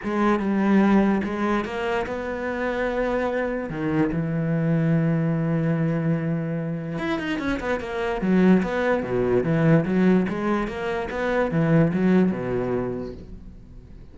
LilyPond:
\new Staff \with { instrumentName = "cello" } { \time 4/4 \tempo 4 = 146 gis4 g2 gis4 | ais4 b2.~ | b4 dis4 e2~ | e1~ |
e4 e'8 dis'8 cis'8 b8 ais4 | fis4 b4 b,4 e4 | fis4 gis4 ais4 b4 | e4 fis4 b,2 | }